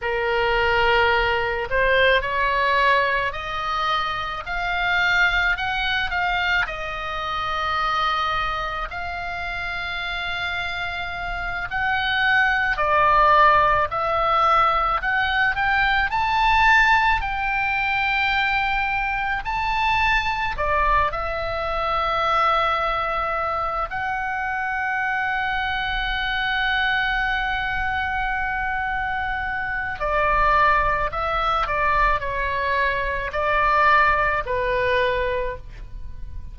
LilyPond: \new Staff \with { instrumentName = "oboe" } { \time 4/4 \tempo 4 = 54 ais'4. c''8 cis''4 dis''4 | f''4 fis''8 f''8 dis''2 | f''2~ f''8 fis''4 d''8~ | d''8 e''4 fis''8 g''8 a''4 g''8~ |
g''4. a''4 d''8 e''4~ | e''4. fis''2~ fis''8~ | fis''2. d''4 | e''8 d''8 cis''4 d''4 b'4 | }